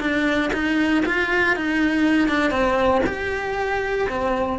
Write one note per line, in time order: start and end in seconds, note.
0.00 0.51 D4
0.54 1.04 D#4
1.06 1.56 F4
1.56 2.29 D#4
2.29 2.51 D4
2.51 3.02 C4
3.07 4.09 G4
4.10 4.59 C4